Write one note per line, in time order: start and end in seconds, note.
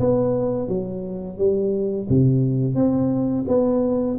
0.00 0.68 B3
0.68 1.38 F#3
1.38 2.08 G3
2.09 2.75 C3
2.75 3.45 C4
3.48 4.18 B3